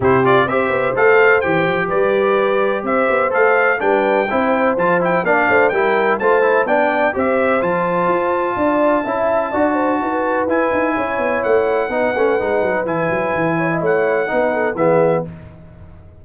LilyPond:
<<
  \new Staff \with { instrumentName = "trumpet" } { \time 4/4 \tempo 4 = 126 c''8 d''8 e''4 f''4 g''4 | d''2 e''4 f''4 | g''2 a''8 g''8 f''4 | g''4 a''4 g''4 e''4 |
a''1~ | a''2 gis''2 | fis''2. gis''4~ | gis''4 fis''2 e''4 | }
  \new Staff \with { instrumentName = "horn" } { \time 4/4 g'4 c''2. | b'2 c''2 | b'4 c''2 d''8 c''8 | ais'4 c''4 d''4 c''4~ |
c''2 d''4 e''4 | d''8 c''8 b'2 cis''4~ | cis''4 b'2.~ | b'8 cis''16 dis''16 cis''4 b'8 a'8 gis'4 | }
  \new Staff \with { instrumentName = "trombone" } { \time 4/4 e'8 f'8 g'4 a'4 g'4~ | g'2. a'4 | d'4 e'4 f'8 e'8 d'4 | e'4 f'8 e'8 d'4 g'4 |
f'2. e'4 | fis'2 e'2~ | e'4 dis'8 cis'8 dis'4 e'4~ | e'2 dis'4 b4 | }
  \new Staff \with { instrumentName = "tuba" } { \time 4/4 c4 c'8 b8 a4 e8 f8 | g2 c'8 b8 a4 | g4 c'4 f4 ais8 a8 | g4 a4 b4 c'4 |
f4 f'4 d'4 cis'4 | d'4 dis'4 e'8 dis'8 cis'8 b8 | a4 b8 a8 gis8 fis8 e8 fis8 | e4 a4 b4 e4 | }
>>